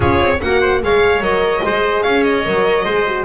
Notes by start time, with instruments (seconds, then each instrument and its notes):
0.00 double bass C#4, horn F4, trumpet G#4, violin C#5
0.19 double bass C4
0.41 double bass A#3, horn F#4, trumpet A#4, violin F#5
0.61 trumpet C5
0.83 double bass G#3, horn G#4, trumpet C#5, violin F5
1.19 double bass F#3, horn A#4, violin D#5
1.63 double bass G#3, horn G#4, trumpet C5
2.03 double bass C#4, trumpet C#5, violin F5
2.23 violin D#5
2.44 double bass F#3, horn A#4
2.85 double bass G#3, horn G#4, trumpet C5
3.07 horn F#4